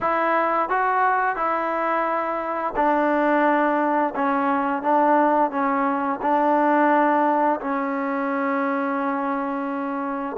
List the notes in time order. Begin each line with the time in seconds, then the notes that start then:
0.00 E4
0.69 F#4
1.36 E4
2.76 D4
4.15 C#4
4.82 D4
5.50 C#4
6.22 D4
7.60 C#4